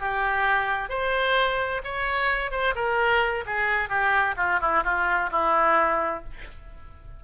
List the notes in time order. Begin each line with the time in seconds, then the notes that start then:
0.00 G4
0.90 C5
1.84 C#5
2.51 C5
2.75 A#4
3.46 G#4
3.89 G4
4.37 F4
4.61 E4
4.84 F4
5.31 E4